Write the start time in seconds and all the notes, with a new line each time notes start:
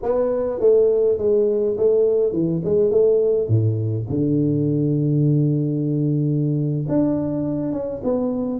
0.02 B3
0.60 A3
1.18 G#3
1.77 A3
2.32 E3
2.64 G#3
2.90 A3
3.47 A2
4.09 D3
6.88 D4
7.72 C#4
8.03 B3